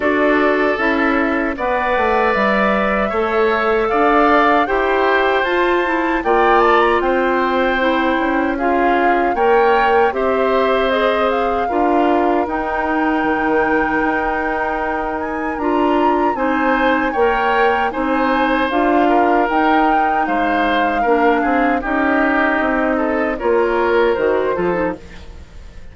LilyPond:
<<
  \new Staff \with { instrumentName = "flute" } { \time 4/4 \tempo 4 = 77 d''4 e''4 fis''4 e''4~ | e''4 f''4 g''4 a''4 | g''8 a''16 ais''16 g''2 f''4 | g''4 e''4 dis''8 f''4. |
g''2.~ g''8 gis''8 | ais''4 gis''4 g''4 gis''4 | f''4 g''4 f''2 | dis''2 cis''4 c''4 | }
  \new Staff \with { instrumentName = "oboe" } { \time 4/4 a'2 d''2 | cis''4 d''4 c''2 | d''4 c''2 gis'4 | cis''4 c''2 ais'4~ |
ais'1~ | ais'4 c''4 cis''4 c''4~ | c''8 ais'4. c''4 ais'8 gis'8 | g'4. a'8 ais'4. a'8 | }
  \new Staff \with { instrumentName = "clarinet" } { \time 4/4 fis'4 e'4 b'2 | a'2 g'4 f'8 e'8 | f'2 e'4 f'4 | ais'4 g'4 gis'4 f'4 |
dis'1 | f'4 dis'4 ais'4 dis'4 | f'4 dis'2 d'4 | dis'2 f'4 fis'8 f'16 dis'16 | }
  \new Staff \with { instrumentName = "bassoon" } { \time 4/4 d'4 cis'4 b8 a8 g4 | a4 d'4 e'4 f'4 | ais4 c'4. cis'4. | ais4 c'2 d'4 |
dis'4 dis4 dis'2 | d'4 c'4 ais4 c'4 | d'4 dis'4 gis4 ais8 c'8 | cis'4 c'4 ais4 dis8 f8 | }
>>